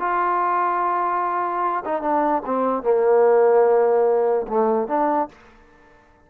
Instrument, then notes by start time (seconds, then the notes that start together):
trombone
0.00 F4
1.85 D#4
2.02 D4
2.45 C4
2.83 A#3
4.48 A3
4.88 D4